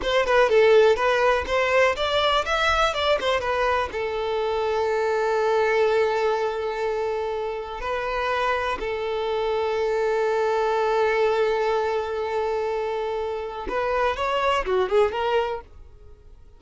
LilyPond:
\new Staff \with { instrumentName = "violin" } { \time 4/4 \tempo 4 = 123 c''8 b'8 a'4 b'4 c''4 | d''4 e''4 d''8 c''8 b'4 | a'1~ | a'1 |
b'2 a'2~ | a'1~ | a'1 | b'4 cis''4 fis'8 gis'8 ais'4 | }